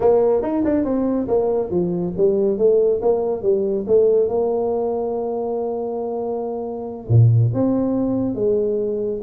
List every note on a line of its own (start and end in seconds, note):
0.00 0.42 A#3
0.42 0.63 D#4
0.64 0.84 D4
0.84 1.27 C4
1.27 1.70 A#3
1.70 2.13 F3
2.17 2.58 G3
2.58 3.00 A3
3.01 3.42 A#3
3.42 3.85 G3
3.87 4.28 A3
4.28 7.07 A#3
7.08 7.51 A#2
7.53 8.35 C4
8.35 9.20 G#3